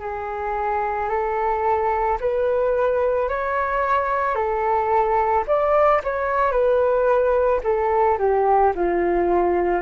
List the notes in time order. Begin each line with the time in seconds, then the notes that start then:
0.00 G#4
1.09 A4
2.20 B4
3.29 C#5
4.35 A4
5.47 D5
6.03 C#5
6.52 B4
7.64 A4
8.19 G4
8.75 F4